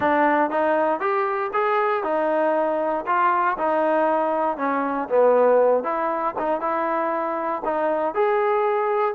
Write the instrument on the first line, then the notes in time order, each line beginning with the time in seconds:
trombone
0.00 D4
0.50 D#4
0.99 G4
1.53 G#4
2.03 D#4
3.06 F4
3.57 D#4
4.57 C#4
5.08 B3
5.83 E4
6.38 D#4
6.61 E4
7.64 D#4
8.14 G#4